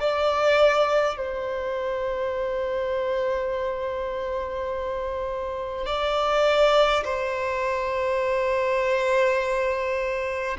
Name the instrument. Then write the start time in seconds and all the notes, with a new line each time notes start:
violin
0.00 D5
1.17 C5
5.86 D5
7.04 C5